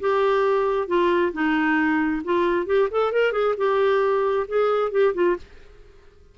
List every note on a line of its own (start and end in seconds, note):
0.00 0.87 G4
0.87 1.32 F4
1.32 2.22 D#4
2.24 2.66 F4
2.66 2.89 G4
2.91 3.12 A4
3.12 3.32 A#4
3.32 3.54 G#4
3.57 4.47 G4
4.48 4.91 G#4
4.91 5.14 G4
5.14 5.36 F4